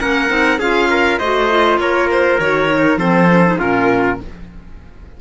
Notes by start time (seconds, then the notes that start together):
0.00 A#3 C#4 A#4 F#5
0.29 C4 D#4
0.59 C#4 F4 G#4 F5
0.91 A#4
1.19 A3 F#4 C5 D#5
1.50 F4
1.79 A#3 A#4 C#5
2.11 C5
2.40 D#3 F#4 C#5
2.70 D#4
2.97 F3 C4 A4 C5
3.30 C#4
3.46 D#4
3.59 A#2 C#4 F4 A#4